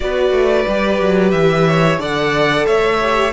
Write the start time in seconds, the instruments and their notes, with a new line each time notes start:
0.00 cello B3, viola F#4, violin B4 D5
0.31 cello A3
0.67 cello G3, viola G4
1.00 cello F#3
1.30 cello E3, violin E5
1.67 violin C#5
1.98 cello D3, viola A4, violin D5 F#5
2.66 cello A3, violin C#5 E5
3.01 viola G4